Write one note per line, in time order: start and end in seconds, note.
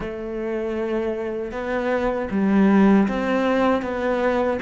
0.00 1.51 A3
1.51 2.28 B3
2.30 3.07 G3
3.08 3.82 C4
3.82 4.59 B3